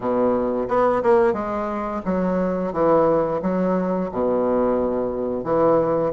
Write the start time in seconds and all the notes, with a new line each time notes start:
0.00 B2
0.68 B3
1.03 A#3
1.33 G#3
2.05 F#3
2.72 E3
3.42 F#3
4.11 B2
5.44 E3